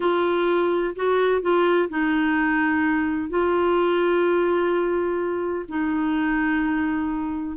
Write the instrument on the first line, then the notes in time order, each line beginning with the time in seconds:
clarinet
0.00 F4
0.95 F#4
1.41 F4
1.89 D#4
3.29 F4
5.68 D#4